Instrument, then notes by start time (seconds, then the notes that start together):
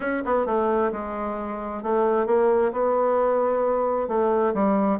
bassoon
0.00 C#4
0.25 B3
0.46 A3
0.92 G#3
1.82 A3
2.26 A#3
2.72 B3
4.08 A3
4.54 G3